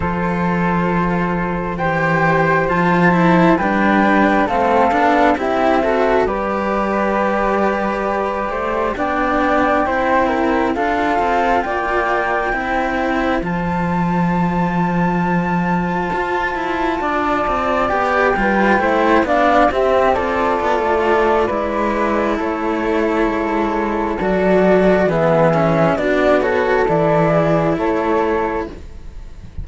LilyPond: <<
  \new Staff \with { instrumentName = "flute" } { \time 4/4 \tempo 4 = 67 c''2 g''4 a''4 | g''4 f''4 e''4 d''4~ | d''2 g''2 | f''4 g''2 a''4~ |
a''1 | g''4. f''8 e''8 d''4.~ | d''4 cis''2 d''4 | e''4 d''8 cis''8 d''4 cis''4 | }
  \new Staff \with { instrumentName = "flute" } { \time 4/4 a'2 c''2 | b'4 a'4 g'8 a'8 b'4~ | b'4. c''8 d''4 c''8 ais'8 | a'4 d''4 c''2~ |
c''2. d''4~ | d''8 b'8 c''8 d''8 g'8 a'4. | b'4 a'2. | gis'4 fis'8 a'4 gis'8 a'4 | }
  \new Staff \with { instrumentName = "cello" } { \time 4/4 f'2 g'4 f'8 e'8 | d'4 c'8 d'8 e'8 fis'8 g'4~ | g'2 d'4 e'4 | f'2 e'4 f'4~ |
f'1 | g'8 f'8 e'8 d'8 c'8 f'4. | e'2. fis'4 | b8 cis'8 d'8 fis'8 e'2 | }
  \new Staff \with { instrumentName = "cello" } { \time 4/4 f2 e4 f4 | g4 a8 b8 c'4 g4~ | g4. a8 b4 c'4 | d'8 c'8 ais4 c'4 f4~ |
f2 f'8 e'8 d'8 c'8 | b8 g8 a8 b8 c'4 b16 a8. | gis4 a4 gis4 fis4 | e4 b4 e4 a4 | }
>>